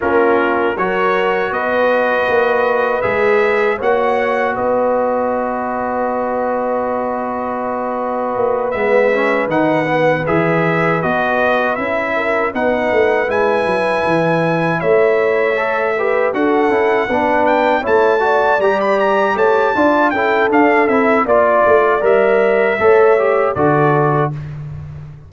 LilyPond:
<<
  \new Staff \with { instrumentName = "trumpet" } { \time 4/4 \tempo 4 = 79 ais'4 cis''4 dis''2 | e''4 fis''4 dis''2~ | dis''2.~ dis''8 e''8~ | e''8 fis''4 e''4 dis''4 e''8~ |
e''8 fis''4 gis''2 e''8~ | e''4. fis''4. g''8 a''8~ | a''8 ais''16 b''16 ais''8 a''4 g''8 f''8 e''8 | d''4 e''2 d''4 | }
  \new Staff \with { instrumentName = "horn" } { \time 4/4 f'4 ais'4 b'2~ | b'4 cis''4 b'2~ | b'1~ | b'1 |
ais'8 b'2. cis''8~ | cis''4 b'8 a'4 b'4 cis''8 | d''4. cis''8 d''8 a'4. | d''2 cis''4 a'4 | }
  \new Staff \with { instrumentName = "trombone" } { \time 4/4 cis'4 fis'2. | gis'4 fis'2.~ | fis'2.~ fis'8 b8 | cis'8 dis'8 b8 gis'4 fis'4 e'8~ |
e'8 dis'4 e'2~ e'8~ | e'8 a'8 g'8 fis'8 e'8 d'4 e'8 | fis'8 g'4. f'8 e'8 d'8 e'8 | f'4 ais'4 a'8 g'8 fis'4 | }
  \new Staff \with { instrumentName = "tuba" } { \time 4/4 ais4 fis4 b4 ais4 | gis4 ais4 b2~ | b2. ais8 gis8~ | gis8 dis4 e4 b4 cis'8~ |
cis'8 b8 a8 gis8 fis8 e4 a8~ | a4. d'8 cis'8 b4 a8~ | a8 g4 a8 d'8 cis'8 d'8 c'8 | ais8 a8 g4 a4 d4 | }
>>